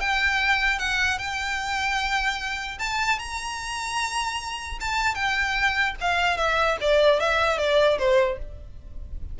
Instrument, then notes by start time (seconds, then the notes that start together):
violin
0.00 G5
0.79 F#5
1.19 G5
2.79 A5
3.19 A#5
4.81 A5
5.15 G5
6.01 F5
6.37 E5
6.81 D5
7.20 E5
7.58 D5
7.99 C5